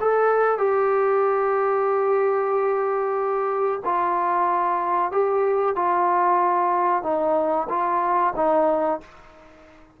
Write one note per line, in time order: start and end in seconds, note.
0.00 0.58 A4
0.58 3.80 G4
3.84 5.11 F4
5.11 5.75 G4
5.75 7.03 F4
7.03 7.67 D#4
7.69 8.33 F4
8.36 9.00 D#4